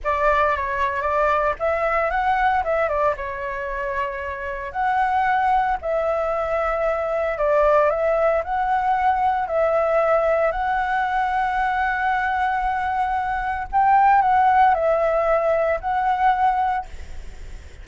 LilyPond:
\new Staff \with { instrumentName = "flute" } { \time 4/4 \tempo 4 = 114 d''4 cis''4 d''4 e''4 | fis''4 e''8 d''8 cis''2~ | cis''4 fis''2 e''4~ | e''2 d''4 e''4 |
fis''2 e''2 | fis''1~ | fis''2 g''4 fis''4 | e''2 fis''2 | }